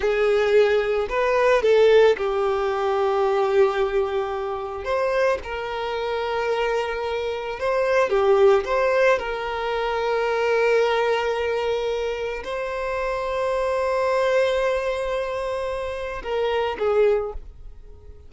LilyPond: \new Staff \with { instrumentName = "violin" } { \time 4/4 \tempo 4 = 111 gis'2 b'4 a'4 | g'1~ | g'4 c''4 ais'2~ | ais'2 c''4 g'4 |
c''4 ais'2.~ | ais'2. c''4~ | c''1~ | c''2 ais'4 gis'4 | }